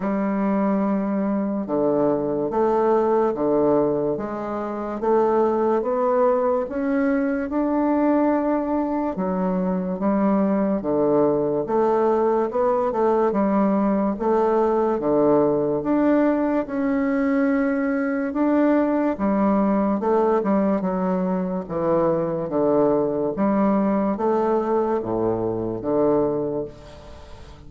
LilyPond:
\new Staff \with { instrumentName = "bassoon" } { \time 4/4 \tempo 4 = 72 g2 d4 a4 | d4 gis4 a4 b4 | cis'4 d'2 fis4 | g4 d4 a4 b8 a8 |
g4 a4 d4 d'4 | cis'2 d'4 g4 | a8 g8 fis4 e4 d4 | g4 a4 a,4 d4 | }